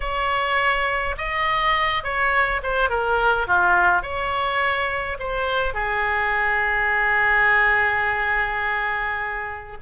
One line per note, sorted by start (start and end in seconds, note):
0.00 1.15 C#5
1.17 2.03 D#5
2.03 2.61 C#5
2.62 2.89 C5
2.89 3.47 A#4
3.47 4.02 F4
4.02 5.17 C#5
5.19 5.74 C5
5.74 9.77 G#4